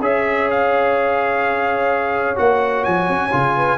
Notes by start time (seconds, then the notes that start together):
0.00 C#4 G#4 C#5 E5
0.51 F5
2.36 A#3 F#4 F#5
2.84 F3 G#5
3.09 C#4
3.32 C#3 F4
3.56 B4